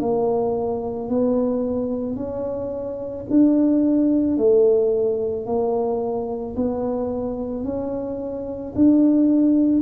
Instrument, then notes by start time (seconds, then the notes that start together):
tuba
0.00 A#3
1.09 B3
2.16 C#4
3.30 D4
4.37 A3
5.46 A#3
6.56 B3
7.64 C#4
8.75 D4